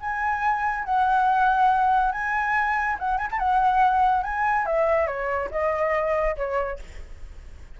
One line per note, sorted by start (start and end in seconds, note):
0.00 0.84 G#5
0.84 2.12 F#5
2.12 2.97 G#5
2.99 3.17 F#5
3.17 3.28 G#5
3.31 3.38 A5
3.38 4.23 F#5
4.23 4.66 G#5
4.66 5.07 E5
5.07 5.49 C#5
5.51 6.36 D#5
6.36 6.79 C#5